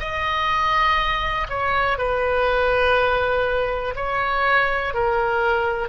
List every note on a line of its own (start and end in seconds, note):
0.00 1.48 D#5
1.49 1.99 C#5
1.99 3.95 B4
3.96 4.94 C#5
4.94 5.89 A#4